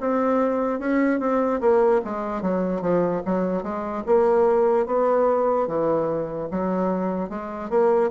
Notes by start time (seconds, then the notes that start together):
0.00 C4
0.80 C#4
1.20 C4
1.61 A#3
2.05 G#3
2.42 F#3
2.81 F3
3.25 F#3
3.63 G#3
4.06 A#3
4.86 B3
5.68 E3
6.51 F#3
7.29 G#3
7.70 A#3